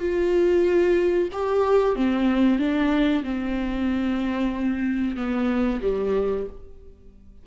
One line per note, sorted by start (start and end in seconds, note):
0.00 1.29 F4
1.33 1.96 G4
1.96 2.59 C4
2.59 3.23 D4
3.24 5.16 C4
5.16 5.81 B3
5.82 6.47 G3